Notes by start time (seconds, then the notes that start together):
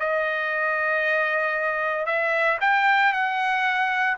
0.00 D#5
2.06 E5
2.61 G5
3.13 F#5